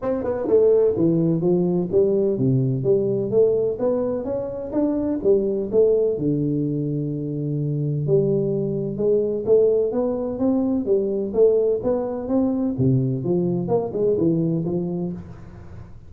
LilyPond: \new Staff \with { instrumentName = "tuba" } { \time 4/4 \tempo 4 = 127 c'8 b8 a4 e4 f4 | g4 c4 g4 a4 | b4 cis'4 d'4 g4 | a4 d2.~ |
d4 g2 gis4 | a4 b4 c'4 g4 | a4 b4 c'4 c4 | f4 ais8 gis8 e4 f4 | }